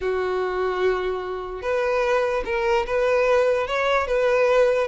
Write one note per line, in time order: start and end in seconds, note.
0.00 1.61 F#4
1.61 2.43 B4
2.45 2.86 A#4
2.86 3.67 B4
3.67 4.07 C#5
4.07 4.87 B4